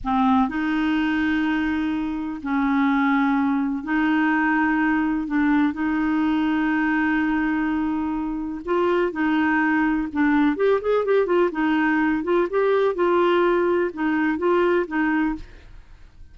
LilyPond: \new Staff \with { instrumentName = "clarinet" } { \time 4/4 \tempo 4 = 125 c'4 dis'2.~ | dis'4 cis'2. | dis'2. d'4 | dis'1~ |
dis'2 f'4 dis'4~ | dis'4 d'4 g'8 gis'8 g'8 f'8 | dis'4. f'8 g'4 f'4~ | f'4 dis'4 f'4 dis'4 | }